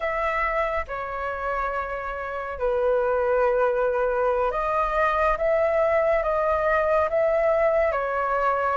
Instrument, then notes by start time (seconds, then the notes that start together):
flute
0.00 E5
0.87 C#5
2.58 B4
4.51 D#5
5.37 E5
6.23 D#5
7.09 E5
7.92 C#5